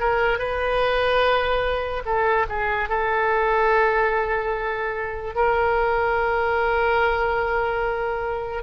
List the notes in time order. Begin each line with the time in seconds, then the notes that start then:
0.00 A#4
0.39 B4
2.05 A4
2.50 G#4
2.90 A4
5.35 A#4